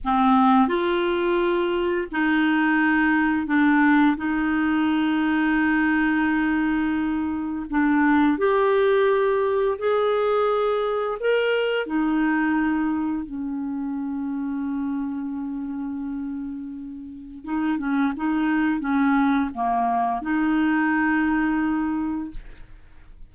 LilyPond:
\new Staff \with { instrumentName = "clarinet" } { \time 4/4 \tempo 4 = 86 c'4 f'2 dis'4~ | dis'4 d'4 dis'2~ | dis'2. d'4 | g'2 gis'2 |
ais'4 dis'2 cis'4~ | cis'1~ | cis'4 dis'8 cis'8 dis'4 cis'4 | ais4 dis'2. | }